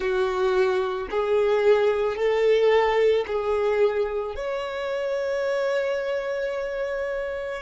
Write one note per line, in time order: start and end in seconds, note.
0.00 1.08 F#4
1.10 2.16 G#4
2.16 3.25 A4
3.26 4.35 G#4
4.35 7.62 C#5